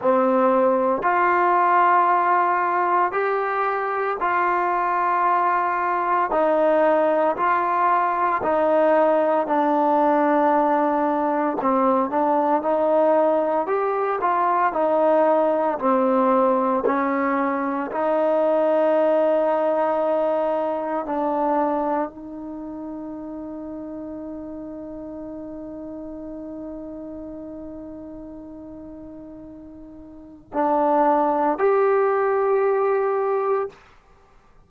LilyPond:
\new Staff \with { instrumentName = "trombone" } { \time 4/4 \tempo 4 = 57 c'4 f'2 g'4 | f'2 dis'4 f'4 | dis'4 d'2 c'8 d'8 | dis'4 g'8 f'8 dis'4 c'4 |
cis'4 dis'2. | d'4 dis'2.~ | dis'1~ | dis'4 d'4 g'2 | }